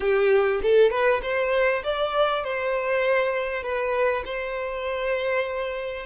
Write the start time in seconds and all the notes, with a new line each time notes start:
0.00 G4
0.62 A4
0.90 B4
1.22 C5
1.83 D5
2.44 C5
3.63 B4
4.25 C5